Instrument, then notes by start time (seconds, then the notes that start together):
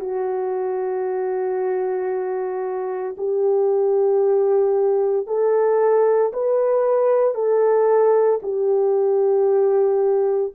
horn
0.00 F#4
3.18 G4
5.27 A4
6.33 B4
7.34 A4
8.42 G4